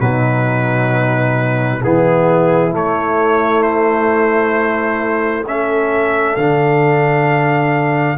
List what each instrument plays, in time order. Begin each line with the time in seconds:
0.00 tuba B2, trombone F#3, horn D#4, trumpet B4
1.83 tuba E3, trombone B3, horn E4, trumpet G#4
2.71 trombone A3, tuba A3, trumpet C#5
3.63 trumpet C5
5.47 trombone C#4, horn A4, trumpet E5
6.36 tuba D3, trombone D4, trumpet F5